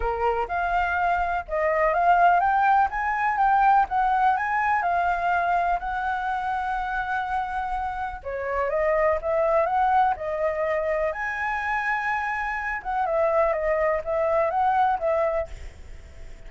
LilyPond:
\new Staff \with { instrumentName = "flute" } { \time 4/4 \tempo 4 = 124 ais'4 f''2 dis''4 | f''4 g''4 gis''4 g''4 | fis''4 gis''4 f''2 | fis''1~ |
fis''4 cis''4 dis''4 e''4 | fis''4 dis''2 gis''4~ | gis''2~ gis''8 fis''8 e''4 | dis''4 e''4 fis''4 e''4 | }